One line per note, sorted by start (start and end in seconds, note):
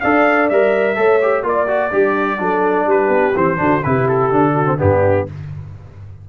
0.00 0.50 D4
0.00 0.51 A4
0.00 0.97 D5
0.00 0.48 F5
0.49 0.97 G3
0.49 0.95 A#4
0.49 1.44 E5
0.95 1.43 A3
0.95 1.19 A4
0.95 1.45 C#5
1.22 1.43 G4
1.43 1.90 A#3
1.43 1.67 F4
1.43 1.91 D5
1.43 2.90 D5
1.67 1.91 F#4
1.91 2.39 G3
1.91 2.38 D4
1.91 2.38 G4
2.38 2.86 F#3
2.38 3.34 D4
2.38 2.86 A4
2.86 3.08 G3
2.86 3.58 G4
2.86 3.36 B4
3.08 3.32 B3
3.35 3.59 E3
3.35 3.57 C4
3.35 3.83 C5
3.57 3.83 D3
3.57 3.81 D4
3.57 3.84 F#4
3.83 4.31 C3
3.83 4.32 E4
3.83 4.53 G4
3.83 4.07 B4
4.08 4.79 A4
4.31 4.79 D3
4.31 4.65 D4
4.53 4.77 F#4
4.65 4.77 C4
4.78 5.29 G2
4.78 5.26 B3
4.78 5.26 D4
4.78 5.28 G4